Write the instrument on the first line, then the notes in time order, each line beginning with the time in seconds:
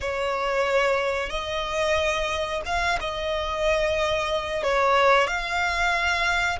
violin
0.00 C#5
1.29 D#5
2.65 F5
3.00 D#5
4.63 C#5
5.27 F5